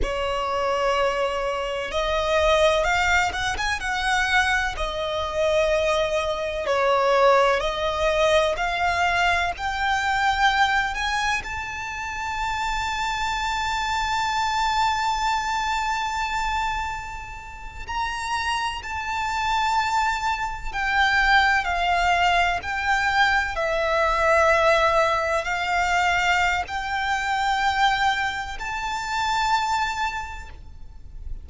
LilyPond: \new Staff \with { instrumentName = "violin" } { \time 4/4 \tempo 4 = 63 cis''2 dis''4 f''8 fis''16 gis''16 | fis''4 dis''2 cis''4 | dis''4 f''4 g''4. gis''8 | a''1~ |
a''2~ a''8. ais''4 a''16~ | a''4.~ a''16 g''4 f''4 g''16~ | g''8. e''2 f''4~ f''16 | g''2 a''2 | }